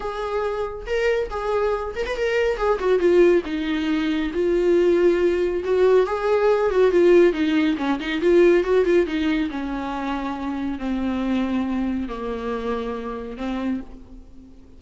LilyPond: \new Staff \with { instrumentName = "viola" } { \time 4/4 \tempo 4 = 139 gis'2 ais'4 gis'4~ | gis'8 ais'16 b'16 ais'4 gis'8 fis'8 f'4 | dis'2 f'2~ | f'4 fis'4 gis'4. fis'8 |
f'4 dis'4 cis'8 dis'8 f'4 | fis'8 f'8 dis'4 cis'2~ | cis'4 c'2. | ais2. c'4 | }